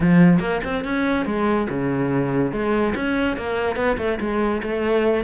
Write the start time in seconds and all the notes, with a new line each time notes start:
0.00 F3
0.39 A#3
0.64 C4
0.84 C#4
1.25 G#3
1.69 C#3
2.52 G#3
2.95 C#4
3.36 A#3
3.76 B3
3.97 A3
4.20 G#3
4.62 A3